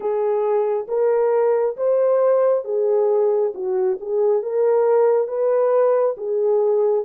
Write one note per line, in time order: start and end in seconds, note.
0.00 0.86 G#4
0.88 1.76 A#4
1.76 2.64 C5
2.64 3.52 G#4
3.54 3.98 F#4
4.00 4.42 G#4
4.42 5.27 A#4
5.27 6.15 B4
6.17 7.04 G#4